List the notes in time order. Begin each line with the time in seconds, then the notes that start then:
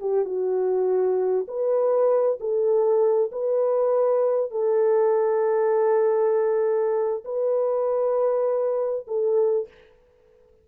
0.00 G4
0.25 F#4
1.48 B4
2.40 A4
3.32 B4
4.51 A4
7.25 B4
9.07 A4